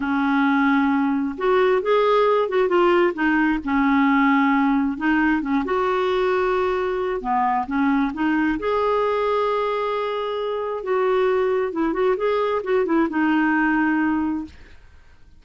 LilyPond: \new Staff \with { instrumentName = "clarinet" } { \time 4/4 \tempo 4 = 133 cis'2. fis'4 | gis'4. fis'8 f'4 dis'4 | cis'2. dis'4 | cis'8 fis'2.~ fis'8 |
b4 cis'4 dis'4 gis'4~ | gis'1 | fis'2 e'8 fis'8 gis'4 | fis'8 e'8 dis'2. | }